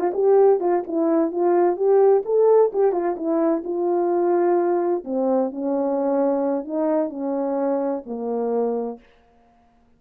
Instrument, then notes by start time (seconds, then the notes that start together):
horn
0.00 F4
0.14 G4
0.60 F4
0.87 E4
1.31 F4
1.77 G4
2.25 A4
2.73 G4
2.92 F4
3.16 E4
3.64 F4
5.05 C4
5.51 C#4
6.65 D#4
7.10 C#4
8.06 A#3